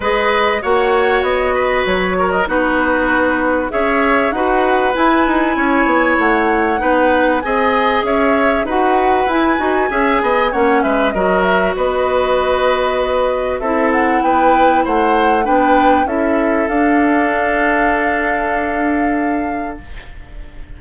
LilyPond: <<
  \new Staff \with { instrumentName = "flute" } { \time 4/4 \tempo 4 = 97 dis''4 fis''4 dis''4 cis''8. dis''16 | b'2 e''4 fis''4 | gis''2 fis''2 | gis''4 e''4 fis''4 gis''4~ |
gis''4 fis''8 e''8 dis''8 e''8 dis''4~ | dis''2 e''8 fis''8 g''4 | fis''4 g''4 e''4 f''4~ | f''1 | }
  \new Staff \with { instrumentName = "oboe" } { \time 4/4 b'4 cis''4. b'4 ais'8 | fis'2 cis''4 b'4~ | b'4 cis''2 b'4 | dis''4 cis''4 b'2 |
e''8 dis''8 cis''8 b'8 ais'4 b'4~ | b'2 a'4 b'4 | c''4 b'4 a'2~ | a'1 | }
  \new Staff \with { instrumentName = "clarinet" } { \time 4/4 gis'4 fis'2. | dis'2 gis'4 fis'4 | e'2. dis'4 | gis'2 fis'4 e'8 fis'8 |
gis'4 cis'4 fis'2~ | fis'2 e'2~ | e'4 d'4 e'4 d'4~ | d'1 | }
  \new Staff \with { instrumentName = "bassoon" } { \time 4/4 gis4 ais4 b4 fis4 | b2 cis'4 dis'4 | e'8 dis'8 cis'8 b8 a4 b4 | c'4 cis'4 dis'4 e'8 dis'8 |
cis'8 b8 ais8 gis8 fis4 b4~ | b2 c'4 b4 | a4 b4 cis'4 d'4~ | d'1 | }
>>